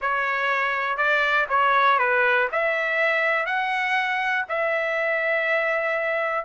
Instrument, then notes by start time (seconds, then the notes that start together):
trumpet
0.01 C#5
0.97 D5
1.49 C#5
1.98 B4
2.52 E5
3.46 F#5
4.48 E5